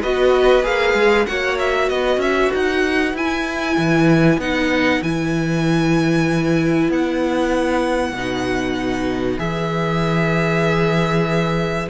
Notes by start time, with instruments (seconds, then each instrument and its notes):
0.00 cello B3, viola F#4, violin B4 D#5
0.62 cello A#3, viola G#4, violin F5
0.93 cello G#3
1.26 cello A#3, viola F#4, violin C#5 F#5
1.59 violin E5
1.89 cello B3, violin B4 D#5
2.17 cello C#4, violin E5
2.53 cello D#4, violin F#5
3.13 cello E4, viola E4, violin G#5
3.77 cello E3
4.37 cello B3, viola D#4, violin F#5
5.02 cello E3, viola E4, violin G#5
6.89 cello B3, violin F#5
8.12 cello B2, viola D#4
9.38 cello E3, viola G#4, violin E5